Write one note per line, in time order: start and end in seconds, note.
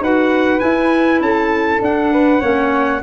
0.00 0.60 D#4
0.00 0.60 F#4
0.00 1.23 B4
0.00 0.60 F#5
0.60 1.80 E4
0.60 1.20 E4
0.60 1.20 G#5
1.20 1.80 C#4
1.20 2.12 A4
1.20 1.82 A5
1.81 2.41 D4
1.81 3.03 F#5
2.12 2.41 B4
2.41 3.02 A#3
2.41 3.01 C#4
2.41 3.00 C#5